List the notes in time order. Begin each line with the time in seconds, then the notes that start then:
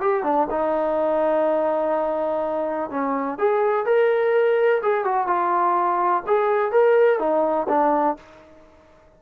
0.00 G4
0.23 D4
0.50 D#4
2.90 C#4
3.38 G#4
3.85 A#4
4.82 G#4
5.04 F#4
5.26 F4
6.27 G#4
6.72 A#4
7.19 D#4
7.68 D4